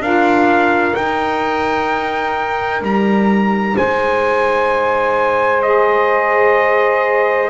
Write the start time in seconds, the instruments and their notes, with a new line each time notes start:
0.00 double bass D4, saxophone F4 A#4, trumpet F5
0.95 saxophone D#4, double bass D#4, trumpet G5
2.82 double bass G3, trumpet A#5
3.76 double bass G#3, saxophone C5, trumpet G#5
5.62 saxophone G#4, trumpet D#5